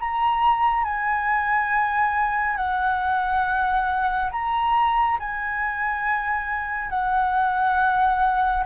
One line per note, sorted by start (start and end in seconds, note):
0.00 0.85 A#5
0.85 2.57 G#5
2.57 4.31 F#5
4.32 5.19 A#5
5.20 6.91 G#5
6.91 8.64 F#5